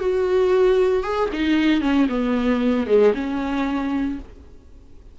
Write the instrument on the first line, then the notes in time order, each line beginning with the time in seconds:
viola
0.00 F#4
1.03 G#4
1.33 D#4
1.81 C#4
2.09 B3
2.87 G#3
3.14 C#4